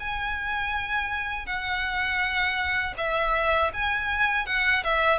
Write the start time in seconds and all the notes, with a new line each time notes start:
0.00 G#5
1.46 F#5
2.98 E5
3.74 G#5
4.46 F#5
4.84 E5